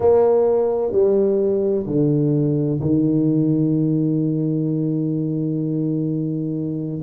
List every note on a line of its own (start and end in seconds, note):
0.00 0.92 A#3
0.92 1.85 G3
1.86 2.80 D3
2.80 7.02 D#3